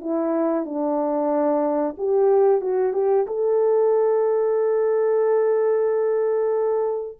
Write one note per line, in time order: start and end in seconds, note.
0.00 0.65 E4
0.65 1.95 D4
1.97 2.61 G4
2.61 2.93 F#4
2.93 3.25 G4
3.26 7.18 A4